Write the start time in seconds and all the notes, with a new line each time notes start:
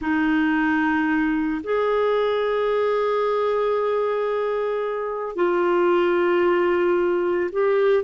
0.00 D#4
1.64 G#4
5.35 F4
7.51 G4